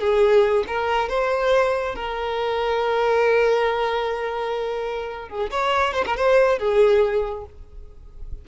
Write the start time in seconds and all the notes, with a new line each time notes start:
0.00 G#4
0.67 A#4
1.09 C5
1.95 A#4
5.29 G#4
5.51 C#5
5.94 C5
6.06 A#4
6.16 C5
6.59 G#4